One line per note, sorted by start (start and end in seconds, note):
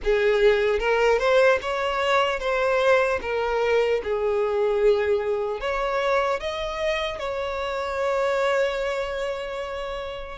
0.03 0.79 G#4
0.79 1.19 A#4
1.19 1.59 C5
1.61 2.39 C#5
2.39 3.19 C5
3.21 4.01 A#4
4.03 5.60 G#4
5.60 6.40 C#5
6.40 7.18 D#5
7.18 10.38 C#5